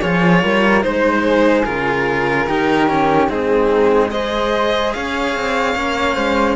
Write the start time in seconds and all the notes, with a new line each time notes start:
0.00 F3 F4 G#4 C#5
0.43 G3 A#4
0.81 G#3 D#4 C5
1.26 G#4
1.65 C#3 F4 A#4
2.46 D#3 D#4 G4
2.89 C#4
3.28 G#3 C4 D#4 G#4
4.11 G#4 C5 D#5
4.93 C#4 C#5 F5
5.35 C4
5.75 A#3 C#4
6.15 G#3 C5